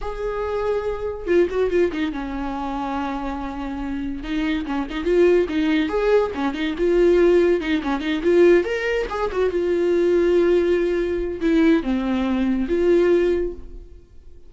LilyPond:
\new Staff \with { instrumentName = "viola" } { \time 4/4 \tempo 4 = 142 gis'2. f'8 fis'8 | f'8 dis'8 cis'2.~ | cis'2 dis'4 cis'8 dis'8 | f'4 dis'4 gis'4 cis'8 dis'8 |
f'2 dis'8 cis'8 dis'8 f'8~ | f'8 ais'4 gis'8 fis'8 f'4.~ | f'2. e'4 | c'2 f'2 | }